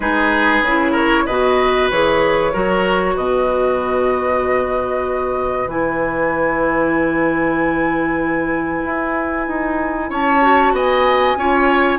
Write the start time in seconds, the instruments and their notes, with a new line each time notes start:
0.00 bassoon G#3, clarinet D#4, oboe G#4, flute B4
0.61 bassoon C#3, clarinet E4
0.92 oboe A#4, flute C#5
1.26 bassoon B2, clarinet F#4, oboe B4, flute D#5
1.90 bassoon E3, clarinet G#4, flute C#5
2.52 bassoon F#3, clarinet F#4, oboe A#4
3.14 bassoon B2, oboe B4, flute D#5
5.66 bassoon E3, clarinet E4, flute G#5
8.84 bassoon E4
9.47 bassoon D#4
10.09 bassoon C#4, oboe C#5, flute A5
10.42 clarinet F#4
10.72 bassoon B3, oboe D#5, flute G#5
11.35 bassoon C#4, clarinet F4, oboe C#5